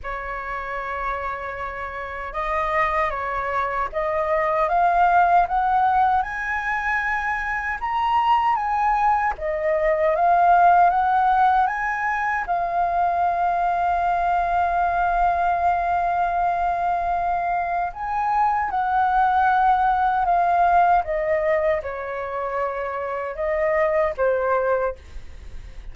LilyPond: \new Staff \with { instrumentName = "flute" } { \time 4/4 \tempo 4 = 77 cis''2. dis''4 | cis''4 dis''4 f''4 fis''4 | gis''2 ais''4 gis''4 | dis''4 f''4 fis''4 gis''4 |
f''1~ | f''2. gis''4 | fis''2 f''4 dis''4 | cis''2 dis''4 c''4 | }